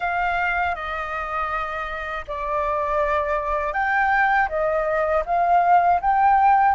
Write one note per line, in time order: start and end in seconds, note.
0.00 0.75 F5
0.75 2.25 D#5
2.27 3.73 D5
3.73 4.48 G5
4.48 5.23 D#5
5.25 6.00 F5
6.00 6.74 G5